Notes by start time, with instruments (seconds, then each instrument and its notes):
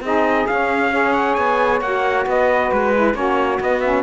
0.00 cello C4, saxophone D#4 G#4, trumpet D#5
0.47 saxophone C#4, cello C#4, trumpet F5
0.91 saxophone G#4 C#5
1.13 trumpet F#5
1.34 cello B3, trumpet G#5
1.81 cello A#3, saxophone F#4, trumpet F#5
2.26 cello B3, saxophone B4, trumpet D#5
2.71 cello G#3, trumpet B4
2.95 saxophone E4
3.14 cello A#3, saxophone C#4 F#4, trumpet C#5
3.60 saxophone B3, cello B3, trumpet D#5
3.80 saxophone C#4, trumpet E5